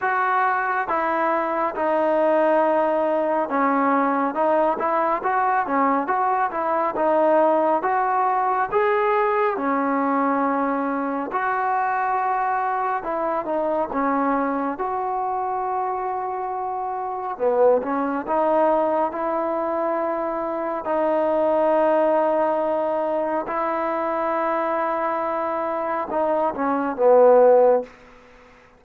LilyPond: \new Staff \with { instrumentName = "trombone" } { \time 4/4 \tempo 4 = 69 fis'4 e'4 dis'2 | cis'4 dis'8 e'8 fis'8 cis'8 fis'8 e'8 | dis'4 fis'4 gis'4 cis'4~ | cis'4 fis'2 e'8 dis'8 |
cis'4 fis'2. | b8 cis'8 dis'4 e'2 | dis'2. e'4~ | e'2 dis'8 cis'8 b4 | }